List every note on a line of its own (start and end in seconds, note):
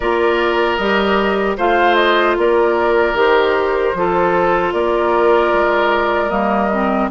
0.00 0.78 A#3
0.00 0.79 F4
0.00 1.57 A#4
0.00 0.76 D5
0.76 1.57 G3
0.76 1.58 G4
0.76 1.55 D#5
1.57 2.37 A3
1.57 3.15 F4
1.57 2.36 C5
1.57 1.95 F5
1.95 2.34 D#5
2.37 3.13 A#3
2.37 3.97 A#4
2.37 3.18 D5
3.13 3.92 D#3
3.13 3.94 G4
3.13 4.72 C5
3.94 4.73 F3
3.94 6.30 F4
3.94 4.73 A4
4.72 5.52 A#3
4.72 7.10 A#4
4.72 6.29 D5
5.53 6.30 G#3
6.29 7.09 G3
6.29 6.69 A#3
6.29 7.08 D#5
6.72 7.11 C4